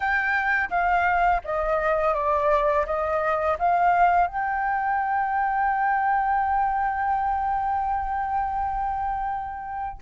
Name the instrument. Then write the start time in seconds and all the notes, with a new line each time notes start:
flute
0.00 G5
0.70 F5
1.44 D#5
2.14 D5
2.86 D#5
3.58 F5
4.27 G5